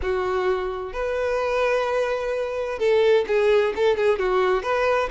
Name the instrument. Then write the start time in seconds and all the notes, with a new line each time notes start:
violin
0.02 F#4
0.92 B4
2.78 A4
3.27 G#4
3.75 A4
3.96 G#4
4.18 F#4
4.62 B4